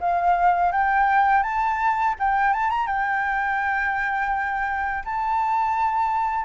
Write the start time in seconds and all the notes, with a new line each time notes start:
0.00 F5
0.72 G5
1.43 A5
2.19 G5
2.53 A5
2.70 A#5
2.87 G5
5.05 A5